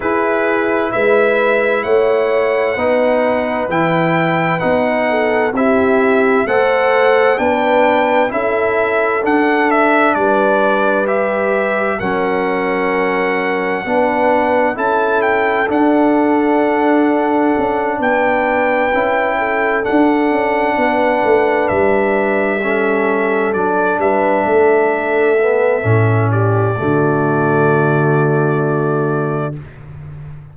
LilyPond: <<
  \new Staff \with { instrumentName = "trumpet" } { \time 4/4 \tempo 4 = 65 b'4 e''4 fis''2 | g''4 fis''4 e''4 fis''4 | g''4 e''4 fis''8 e''8 d''4 | e''4 fis''2. |
a''8 g''8 fis''2~ fis''8 g''8~ | g''4. fis''2 e''8~ | e''4. d''8 e''2~ | e''8 d''2.~ d''8 | }
  \new Staff \with { instrumentName = "horn" } { \time 4/4 gis'4 b'4 cis''4 b'4~ | b'4. a'8 g'4 c''4 | b'4 a'2 b'4~ | b'4 ais'2 b'4 |
a'2.~ a'8 b'8~ | b'4 a'4. b'4.~ | b'8 a'4. b'8 a'4.~ | a'8 g'8 fis'2. | }
  \new Staff \with { instrumentName = "trombone" } { \time 4/4 e'2. dis'4 | e'4 dis'4 e'4 a'4 | d'4 e'4 d'2 | g'4 cis'2 d'4 |
e'4 d'2.~ | d'8 e'4 d'2~ d'8~ | d'8 cis'4 d'2 b8 | cis'4 a2. | }
  \new Staff \with { instrumentName = "tuba" } { \time 4/4 e'4 gis4 a4 b4 | e4 b4 c'4 a4 | b4 cis'4 d'4 g4~ | g4 fis2 b4 |
cis'4 d'2 cis'8 b8~ | b8 cis'4 d'8 cis'8 b8 a8 g8~ | g4. fis8 g8 a4. | a,4 d2. | }
>>